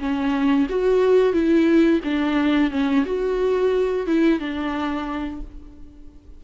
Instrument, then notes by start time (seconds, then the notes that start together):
viola
0.00 C#4
0.70 F#4
1.33 E4
2.05 D4
2.71 C#4
3.06 F#4
4.07 E4
4.40 D4